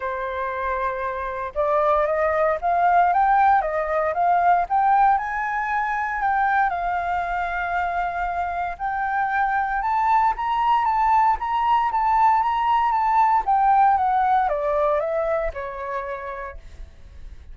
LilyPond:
\new Staff \with { instrumentName = "flute" } { \time 4/4 \tempo 4 = 116 c''2. d''4 | dis''4 f''4 g''4 dis''4 | f''4 g''4 gis''2 | g''4 f''2.~ |
f''4 g''2 a''4 | ais''4 a''4 ais''4 a''4 | ais''4 a''4 g''4 fis''4 | d''4 e''4 cis''2 | }